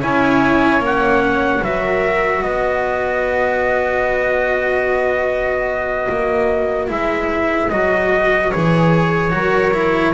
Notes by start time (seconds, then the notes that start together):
0.00 C#4 E4 C#5 G#5
0.79 A#3 C#4
0.85 F#5
1.61 F#3 F#4 B4 E5
1.83 A#4
2.42 B3 B4 D#5
6.09 A#3
6.87 G#3 E4 E5
7.70 F#3 F#4 D#5
8.51 E3 G#4 C#5
9.31 F#3 F#4 A#4
9.73 E4